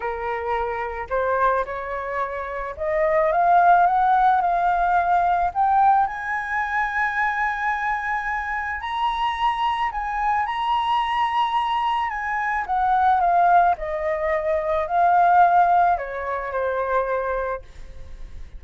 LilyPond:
\new Staff \with { instrumentName = "flute" } { \time 4/4 \tempo 4 = 109 ais'2 c''4 cis''4~ | cis''4 dis''4 f''4 fis''4 | f''2 g''4 gis''4~ | gis''1 |
ais''2 gis''4 ais''4~ | ais''2 gis''4 fis''4 | f''4 dis''2 f''4~ | f''4 cis''4 c''2 | }